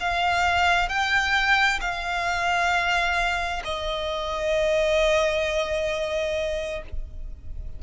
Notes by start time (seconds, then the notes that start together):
0.00 F5
0.89 G5
1.81 F5
3.64 D#5